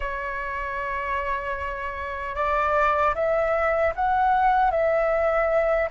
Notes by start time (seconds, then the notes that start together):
0.00 C#5
2.35 D5
3.14 E5
3.95 F#5
4.70 E5